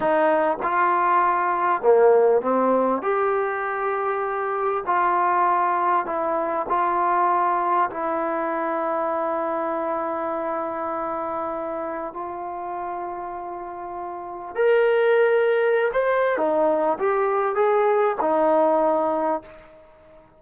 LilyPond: \new Staff \with { instrumentName = "trombone" } { \time 4/4 \tempo 4 = 99 dis'4 f'2 ais4 | c'4 g'2. | f'2 e'4 f'4~ | f'4 e'2.~ |
e'1 | f'1 | ais'2~ ais'16 c''8. dis'4 | g'4 gis'4 dis'2 | }